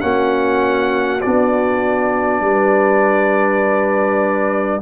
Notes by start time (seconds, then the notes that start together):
0.00 A#3 C#4 F#4 F#5
1.21 B3 D4 D5
2.41 G3 B4